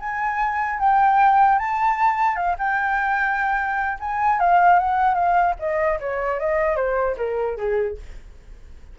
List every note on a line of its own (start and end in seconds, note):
0.00 0.80 G#5
0.80 1.59 G5
1.59 2.36 A5
2.36 2.56 F5
2.59 3.99 G5
4.00 4.40 G#5
4.40 4.79 F5
4.79 5.15 F#5
5.15 5.55 F5
5.60 6.00 D#5
6.00 6.40 C#5
6.40 6.76 D#5
6.76 7.16 C5
7.18 7.58 A#4
7.58 7.98 G#4